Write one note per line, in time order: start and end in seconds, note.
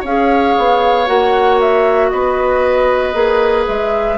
0.00 0.55 C#4
0.00 2.07 C#5
0.00 1.07 F5
0.06 1.06 G#4
0.57 1.08 B3
1.06 2.11 A#3
1.06 3.13 F#4
1.06 1.59 F#5
1.60 2.09 E5
2.09 3.14 B3
2.09 4.18 B4
2.09 3.64 D#5
3.13 3.65 A#3
3.13 4.16 G#4
3.67 4.18 G#3
3.67 4.18 E5